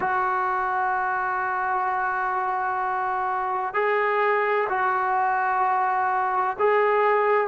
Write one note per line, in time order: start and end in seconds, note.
0.00 3.74 F#4
3.74 4.67 G#4
4.69 6.56 F#4
6.59 7.47 G#4